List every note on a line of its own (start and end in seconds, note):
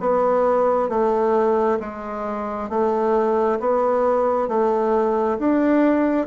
0.00 0.89 B3
0.89 1.78 A3
1.80 2.69 G#3
2.69 3.59 A3
3.60 4.48 B3
4.48 5.38 A3
5.39 6.27 D4